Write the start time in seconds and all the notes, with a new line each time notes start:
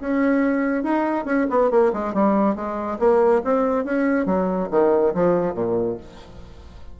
0.00 C#4
0.83 D#4
1.25 C#4
1.49 B3
1.70 A#3
1.93 G#3
2.14 G3
2.55 G#3
2.99 A#3
3.44 C4
3.84 C#4
4.26 F#3
4.71 D#3
5.14 F3
5.54 A#2